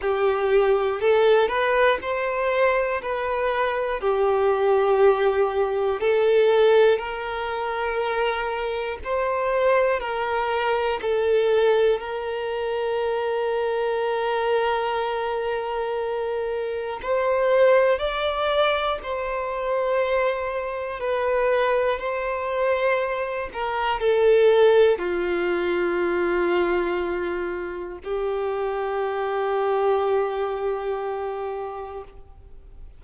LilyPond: \new Staff \with { instrumentName = "violin" } { \time 4/4 \tempo 4 = 60 g'4 a'8 b'8 c''4 b'4 | g'2 a'4 ais'4~ | ais'4 c''4 ais'4 a'4 | ais'1~ |
ais'4 c''4 d''4 c''4~ | c''4 b'4 c''4. ais'8 | a'4 f'2. | g'1 | }